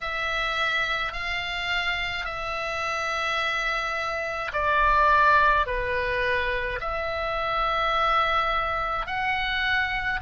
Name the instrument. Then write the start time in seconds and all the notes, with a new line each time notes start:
oboe
0.00 E5
1.13 F5
2.25 E5
4.53 D5
5.66 B4
6.80 E5
9.06 F#5